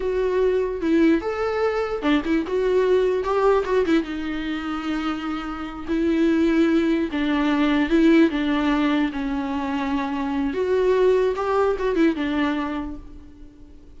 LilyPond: \new Staff \with { instrumentName = "viola" } { \time 4/4 \tempo 4 = 148 fis'2 e'4 a'4~ | a'4 d'8 e'8 fis'2 | g'4 fis'8 e'8 dis'2~ | dis'2~ dis'8 e'4.~ |
e'4. d'2 e'8~ | e'8 d'2 cis'4.~ | cis'2 fis'2 | g'4 fis'8 e'8 d'2 | }